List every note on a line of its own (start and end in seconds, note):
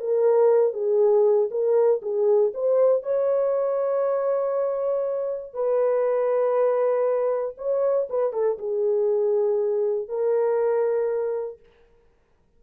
0.00 0.73 A#4
0.73 1.49 G#4
1.50 2.01 A#4
2.02 2.52 G#4
2.54 3.03 C5
3.03 5.53 C#5
5.53 7.55 B4
7.57 8.08 C#5
8.09 8.32 B4
8.32 8.58 A4
8.59 10.08 G#4
10.08 11.60 A#4